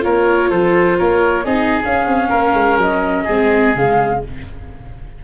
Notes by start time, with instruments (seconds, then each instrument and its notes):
0.00 tuba A#3, viola F4, oboe A#4, flute C#5
0.49 tuba F3, oboe A4, flute C5
0.98 tuba A#3, oboe A#4, flute C#5
1.44 tuba C4, viola D#4, oboe G#4, flute D#5
1.84 viola C#4, tuba C#4, flute F5
2.06 tuba C4
2.29 tuba A#3, oboe A#4
2.53 tuba G#3
2.77 tuba F#3, flute D#5
3.24 tuba G#3, viola C4, oboe G#4
3.75 tuba C#3, viola G#3, flute F5